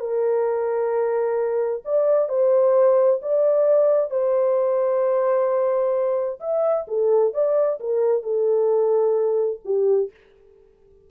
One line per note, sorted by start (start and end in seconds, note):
0.00 1.83 A#4
1.85 2.29 D5
2.29 3.21 C5
3.22 4.11 D5
4.11 6.40 C5
6.40 6.86 E5
6.88 7.34 A4
7.34 7.79 D5
7.80 8.23 A#4
8.23 9.60 A4
9.65 10.11 G4